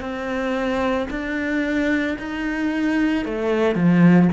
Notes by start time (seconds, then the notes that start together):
0.00 C4
1.10 D4
2.18 D#4
3.25 A3
3.75 F3